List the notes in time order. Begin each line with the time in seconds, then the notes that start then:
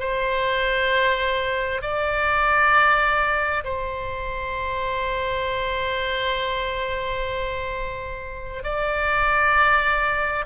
0.00 C5
1.82 D5
3.64 C5
8.63 D5